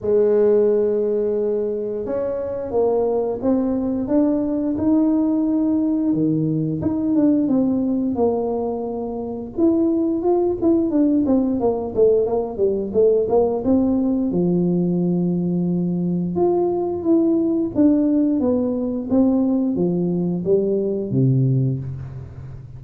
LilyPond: \new Staff \with { instrumentName = "tuba" } { \time 4/4 \tempo 4 = 88 gis2. cis'4 | ais4 c'4 d'4 dis'4~ | dis'4 dis4 dis'8 d'8 c'4 | ais2 e'4 f'8 e'8 |
d'8 c'8 ais8 a8 ais8 g8 a8 ais8 | c'4 f2. | f'4 e'4 d'4 b4 | c'4 f4 g4 c4 | }